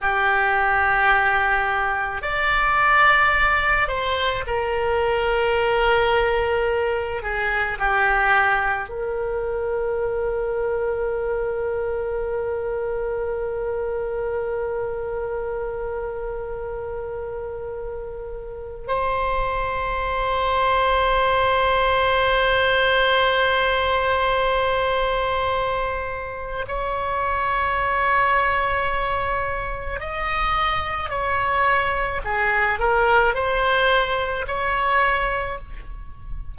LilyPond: \new Staff \with { instrumentName = "oboe" } { \time 4/4 \tempo 4 = 54 g'2 d''4. c''8 | ais'2~ ais'8 gis'8 g'4 | ais'1~ | ais'1~ |
ais'4 c''2.~ | c''1 | cis''2. dis''4 | cis''4 gis'8 ais'8 c''4 cis''4 | }